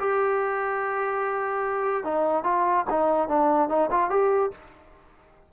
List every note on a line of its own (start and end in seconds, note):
0.00 2.04 G4
2.04 2.44 D#4
2.44 2.85 F4
2.90 3.28 D#4
3.28 3.69 D4
3.69 3.90 D#4
3.91 4.10 F4
4.10 4.51 G4